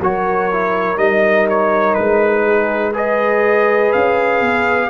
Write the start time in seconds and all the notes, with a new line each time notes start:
0.00 F#3 F#4 A#4 C#5
0.51 E4
0.97 G3 D#4 D#5
1.49 C#5
1.94 G#3 B4
2.44 G#4
2.92 G#4 B4 D#5
3.92 C#4 F5
4.41 B3